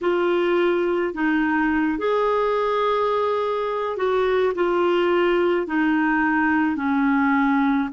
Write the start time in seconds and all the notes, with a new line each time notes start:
0.01 F4
1.14 D#4
1.98 G#4
3.96 F#4
4.54 F4
5.66 D#4
6.76 C#4